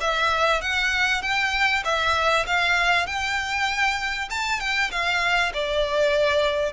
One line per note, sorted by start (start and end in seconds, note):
0.00 0.61 E5
0.61 1.22 F#5
1.22 1.83 G5
1.84 2.45 E5
2.46 3.06 F5
3.06 4.29 G5
4.30 4.60 A5
4.60 4.91 G5
4.91 5.52 F5
5.54 6.73 D5